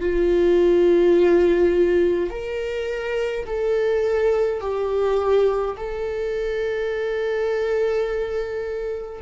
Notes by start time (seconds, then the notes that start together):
0.00 F4
2.30 A#4
3.46 A4
4.60 G4
5.77 A4